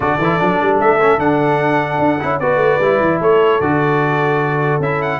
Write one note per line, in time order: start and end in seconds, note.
0.00 0.17 D3
0.00 0.19 F#4
0.00 2.39 A4
0.00 0.77 D5
0.17 0.37 E3
0.17 0.39 E4
0.39 0.61 F#3
0.39 0.99 D4
0.61 0.81 G3
0.80 1.18 A3
0.80 1.19 E5
1.01 1.19 C#4
1.18 1.98 D3
1.18 2.19 D4
1.18 2.39 F#5
1.99 2.19 D4
2.20 2.40 C#4
2.20 2.40 E4
2.39 2.56 B3
2.39 2.81 F#4
2.39 3.20 B4
2.39 3.19 D5
2.56 2.76 A3
2.80 3.00 G3
2.80 3.61 E4
3.00 3.20 E3
3.20 3.60 A3
3.20 5.19 A4
3.20 3.61 C#5
3.60 4.79 D3
3.60 4.81 F#4
3.60 4.81 D5
4.79 5.19 C#4
4.79 5.19 E4
4.79 5.02 E5
5.02 5.19 F#5